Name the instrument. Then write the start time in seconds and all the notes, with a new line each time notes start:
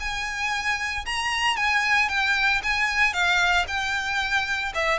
violin
0.00 G#5
1.06 A#5
1.56 G#5
2.09 G5
2.63 G#5
3.13 F5
3.68 G5
4.74 E5